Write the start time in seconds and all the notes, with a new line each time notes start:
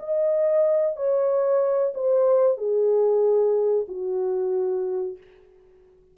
0.00 D#5
0.97 C#5
1.95 C5
2.58 G#4
3.89 F#4